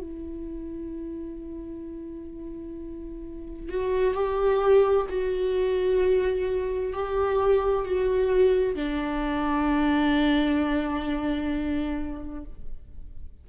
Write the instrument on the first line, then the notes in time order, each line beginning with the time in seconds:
viola
0.00 E4
3.69 F#4
4.14 G4
5.09 F#4
6.93 G4
7.85 F#4
8.75 D4